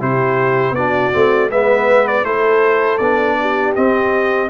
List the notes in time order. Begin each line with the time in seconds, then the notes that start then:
0.00 C3 E4 G4 C5
0.72 B3 D4 F#4 D5
1.13 A3 C4
1.51 G#3 B3 B4 E5
2.08 D5
2.24 A3 E4 A4 C5
2.98 B3 D4 D5
3.41 G4
3.76 C4 D#5